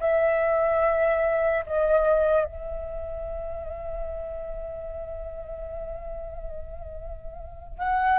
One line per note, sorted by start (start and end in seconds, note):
0.00 1.64 E5
1.66 2.44 D#5
2.44 7.78 E5
7.78 8.18 F#5